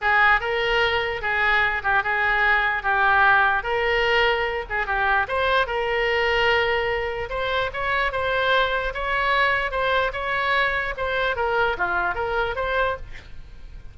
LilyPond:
\new Staff \with { instrumentName = "oboe" } { \time 4/4 \tempo 4 = 148 gis'4 ais'2 gis'4~ | gis'8 g'8 gis'2 g'4~ | g'4 ais'2~ ais'8 gis'8 | g'4 c''4 ais'2~ |
ais'2 c''4 cis''4 | c''2 cis''2 | c''4 cis''2 c''4 | ais'4 f'4 ais'4 c''4 | }